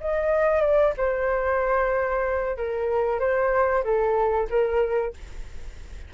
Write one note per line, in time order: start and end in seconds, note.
0.00 0.61 D#5
0.61 0.93 D5
0.97 2.56 C5
2.56 3.19 A#4
3.19 3.83 C5
3.84 4.47 A4
4.50 5.14 A#4